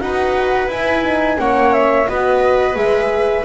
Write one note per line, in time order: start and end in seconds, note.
0.00 0.68 D#4
0.00 0.69 F#4
0.00 1.40 B4
0.00 0.69 F#5
0.68 1.37 E4
0.68 1.03 E4
0.68 1.39 G#5
1.03 1.38 D#4
1.38 2.07 A#3
1.38 2.07 C#4
1.38 2.09 C#5
1.38 1.73 F#5
1.73 2.07 E5
2.07 2.75 B3
2.07 2.75 F#4
2.07 3.45 B4
2.07 2.76 D#5
2.75 3.44 G#3
2.75 3.44 G#4
2.75 3.45 E5